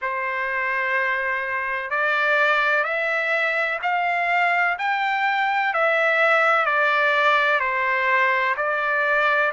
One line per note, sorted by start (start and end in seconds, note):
0.01 1.90 C5
1.90 2.84 D5
2.84 3.79 E5
3.82 4.77 F5
4.78 5.73 G5
5.73 6.65 E5
6.65 7.60 D5
7.60 8.55 C5
8.56 9.52 D5